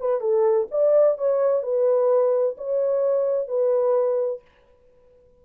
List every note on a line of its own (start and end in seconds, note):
0.00 0.20 B4
0.20 0.67 A4
0.71 1.18 D5
1.18 1.62 C#5
1.62 2.56 B4
2.57 3.48 C#5
3.48 4.41 B4